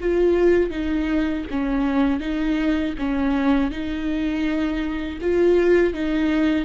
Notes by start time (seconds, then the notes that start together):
0.00 F4
0.70 D#4
1.50 C#4
2.20 D#4
2.98 C#4
3.70 D#4
5.21 F4
5.93 D#4